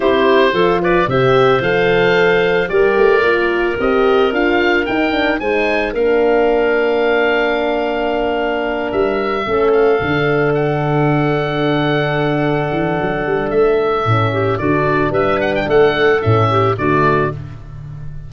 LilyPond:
<<
  \new Staff \with { instrumentName = "oboe" } { \time 4/4 \tempo 4 = 111 c''4. d''8 e''4 f''4~ | f''4 d''2 dis''4 | f''4 g''4 gis''4 f''4~ | f''1~ |
f''8 e''4. f''4. fis''8~ | fis''1~ | fis''4 e''2 d''4 | e''8 fis''16 g''16 fis''4 e''4 d''4 | }
  \new Staff \with { instrumentName = "clarinet" } { \time 4/4 g'4 a'8 b'8 c''2~ | c''4 ais'2.~ | ais'2 c''4 ais'4~ | ais'1~ |
ais'4. a'2~ a'8~ | a'1~ | a'2~ a'8 g'8 fis'4 | b'4 a'4. g'8 fis'4 | }
  \new Staff \with { instrumentName = "horn" } { \time 4/4 e'4 f'4 g'4 a'4~ | a'4 g'4 f'4 g'4 | f'4 dis'8 d'8 dis'4 d'4~ | d'1~ |
d'4. cis'4 d'4.~ | d'1~ | d'2 cis'4 d'4~ | d'2 cis'4 a4 | }
  \new Staff \with { instrumentName = "tuba" } { \time 4/4 c'4 f4 c4 f4~ | f4 g8 a8 ais4 c'4 | d'4 dis'4 gis4 ais4~ | ais1~ |
ais8 g4 a4 d4.~ | d2.~ d8 e8 | fis8 g8 a4 a,4 d4 | g4 a4 a,4 d4 | }
>>